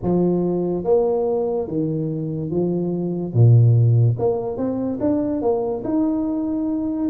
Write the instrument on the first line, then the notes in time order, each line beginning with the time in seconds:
tuba
0.02 F3
0.84 A#3
1.67 D#3
2.50 F3
3.33 A#2
4.19 A#3
4.57 C4
5.00 D4
5.41 A#3
5.84 D#4